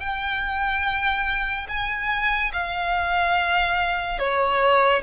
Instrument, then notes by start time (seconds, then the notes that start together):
violin
0.00 G5
1.69 G#5
2.53 F5
4.19 C#5